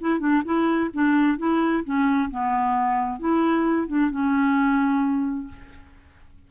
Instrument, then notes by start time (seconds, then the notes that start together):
clarinet
0.00 E4
0.20 D4
0.44 E4
0.93 D4
1.38 E4
1.84 C#4
2.30 B3
3.19 E4
3.87 D4
4.11 C#4